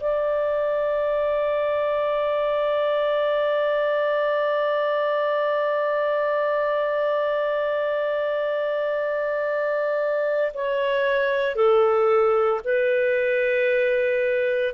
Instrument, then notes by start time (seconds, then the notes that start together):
clarinet
0.00 D5
10.54 C#5
11.56 A4
12.64 B4